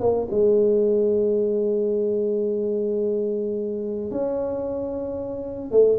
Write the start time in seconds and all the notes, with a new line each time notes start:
0.00 A#3
0.30 G#3
4.11 C#4
5.71 A3